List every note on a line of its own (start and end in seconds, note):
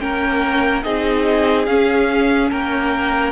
0.00 0.84 A#3
0.00 0.83 C#4
0.00 0.85 A#4
0.00 0.83 G5
0.83 1.68 C4
0.83 1.67 D#4
0.83 2.51 G#4
0.83 1.66 D#5
1.66 2.51 C#4
1.66 3.32 C#4
1.66 2.49 F5
2.51 3.32 A#3
2.51 3.32 A#4
2.51 3.32 G5